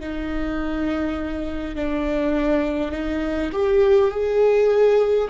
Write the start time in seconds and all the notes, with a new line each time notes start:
0.00 D#4
1.75 D4
2.91 D#4
3.52 G4
4.11 G#4